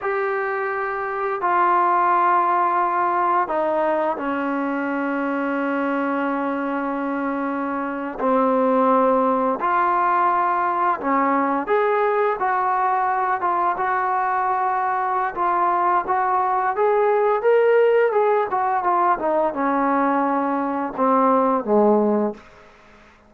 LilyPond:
\new Staff \with { instrumentName = "trombone" } { \time 4/4 \tempo 4 = 86 g'2 f'2~ | f'4 dis'4 cis'2~ | cis'2.~ cis'8. c'16~ | c'4.~ c'16 f'2 cis'16~ |
cis'8. gis'4 fis'4. f'8 fis'16~ | fis'2 f'4 fis'4 | gis'4 ais'4 gis'8 fis'8 f'8 dis'8 | cis'2 c'4 gis4 | }